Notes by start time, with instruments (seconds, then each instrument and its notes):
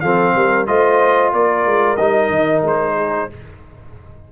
0.00 tuba F3, trombone C4, horn A4, trumpet F5
0.35 tuba G3, horn A#4
0.67 tuba A3, trombone F4, horn C5, trumpet D#5
1.33 tuba A#3, horn A#4, trumpet D5
1.65 tuba G#3
1.96 tuba G3, trombone D#4, trumpet D#5
2.29 tuba D#3
2.62 tuba G#3, trumpet C5
2.95 horn G#4